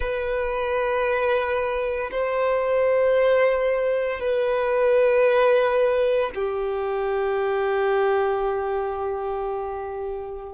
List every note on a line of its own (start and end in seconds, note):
0.00 2.10 B4
2.11 4.20 C5
4.20 6.30 B4
6.34 10.53 G4